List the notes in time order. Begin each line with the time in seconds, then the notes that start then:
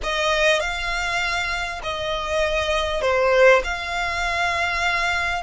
0.03 D#5
0.60 F5
1.83 D#5
3.01 C5
3.64 F5